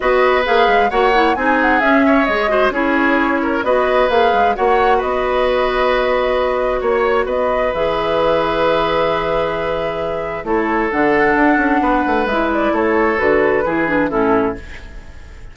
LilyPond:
<<
  \new Staff \with { instrumentName = "flute" } { \time 4/4 \tempo 4 = 132 dis''4 f''4 fis''4 gis''8 fis''8 | e''4 dis''4 cis''2 | dis''4 f''4 fis''4 dis''4~ | dis''2. cis''4 |
dis''4 e''2.~ | e''2. cis''4 | fis''2. e''8 d''8 | cis''4 b'2 a'4 | }
  \new Staff \with { instrumentName = "oboe" } { \time 4/4 b'2 cis''4 gis'4~ | gis'8 cis''4 c''8 gis'4. ais'8 | b'2 cis''4 b'4~ | b'2. cis''4 |
b'1~ | b'2. a'4~ | a'2 b'2 | a'2 gis'4 e'4 | }
  \new Staff \with { instrumentName = "clarinet" } { \time 4/4 fis'4 gis'4 fis'8 e'8 dis'4 | cis'4 gis'8 fis'8 e'2 | fis'4 gis'4 fis'2~ | fis'1~ |
fis'4 gis'2.~ | gis'2. e'4 | d'2. e'4~ | e'4 fis'4 e'8 d'8 cis'4 | }
  \new Staff \with { instrumentName = "bassoon" } { \time 4/4 b4 ais8 gis8 ais4 c'4 | cis'4 gis4 cis'2 | b4 ais8 gis8 ais4 b4~ | b2. ais4 |
b4 e2.~ | e2. a4 | d4 d'8 cis'8 b8 a8 gis4 | a4 d4 e4 a,4 | }
>>